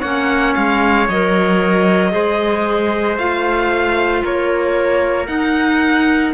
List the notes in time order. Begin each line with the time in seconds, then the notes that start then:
0.00 A#3 C#4 C#5 F#5
0.55 G#3 F5
1.08 F#3 A#4 D#5
2.11 G#3 G#4 C5
3.18 A3 F4 F5
4.24 A#3 A#4 C#5
5.27 D#4 F#5